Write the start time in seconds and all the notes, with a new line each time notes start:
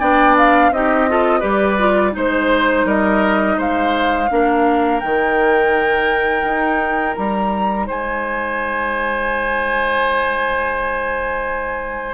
0.00 B3 D4 D5 G5
0.38 F5
0.71 C4 D#4 G4 D#5
1.09 F4 A4
1.40 G3 G4 B4 D5
1.79 F4
2.12 G#3 D#4 C5
2.19 C5
2.85 G3 A#4 D#5
3.58 G#3 C5 F5
4.31 A#3 D4 A#4
5.00 D#3 D#4 G5
6.44 D#4
7.15 G3 A#5
7.87 G#3 C5 G#5